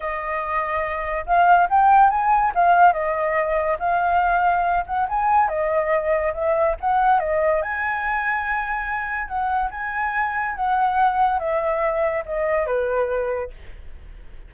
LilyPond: \new Staff \with { instrumentName = "flute" } { \time 4/4 \tempo 4 = 142 dis''2. f''4 | g''4 gis''4 f''4 dis''4~ | dis''4 f''2~ f''8 fis''8 | gis''4 dis''2 e''4 |
fis''4 dis''4 gis''2~ | gis''2 fis''4 gis''4~ | gis''4 fis''2 e''4~ | e''4 dis''4 b'2 | }